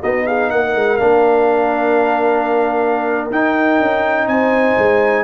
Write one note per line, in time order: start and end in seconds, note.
0.00 0.52 B3
0.00 0.99 D#4
0.00 0.24 F#4
0.00 0.27 D#5
0.26 0.51 G#4
0.26 0.50 F5
0.50 0.75 A#3
0.50 4.29 A#4
0.50 0.96 F#5
0.75 0.99 G#3
0.96 3.30 A#3
0.96 3.31 D4
0.96 3.28 F5
3.30 3.79 D#4
3.30 5.23 D#4
3.30 4.28 G5
3.79 4.27 C#4
4.27 4.75 C4
4.27 5.23 C5
4.27 5.23 G#5
4.77 5.23 G#3